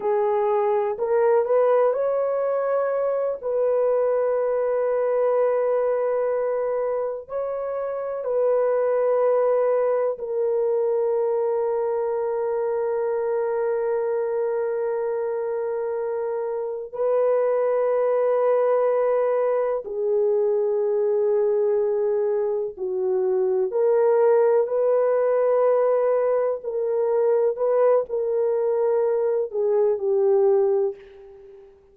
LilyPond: \new Staff \with { instrumentName = "horn" } { \time 4/4 \tempo 4 = 62 gis'4 ais'8 b'8 cis''4. b'8~ | b'2.~ b'8 cis''8~ | cis''8 b'2 ais'4.~ | ais'1~ |
ais'4. b'2~ b'8~ | b'8 gis'2. fis'8~ | fis'8 ais'4 b'2 ais'8~ | ais'8 b'8 ais'4. gis'8 g'4 | }